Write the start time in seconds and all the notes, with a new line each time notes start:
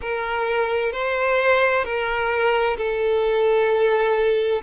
0.01 A#4
0.92 C5
1.84 A#4
2.77 A4